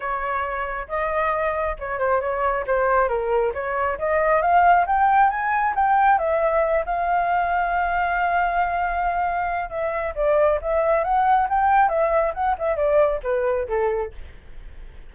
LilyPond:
\new Staff \with { instrumentName = "flute" } { \time 4/4 \tempo 4 = 136 cis''2 dis''2 | cis''8 c''8 cis''4 c''4 ais'4 | cis''4 dis''4 f''4 g''4 | gis''4 g''4 e''4. f''8~ |
f''1~ | f''2 e''4 d''4 | e''4 fis''4 g''4 e''4 | fis''8 e''8 d''4 b'4 a'4 | }